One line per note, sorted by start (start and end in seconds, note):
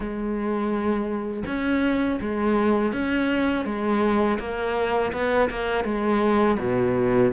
0.00 1.43 G#3
1.46 2.19 C#4
2.21 2.92 G#3
2.92 3.65 C#4
3.65 4.38 G#3
4.39 5.12 A#3
5.13 5.49 B3
5.50 5.84 A#3
5.84 6.57 G#3
6.58 7.31 B2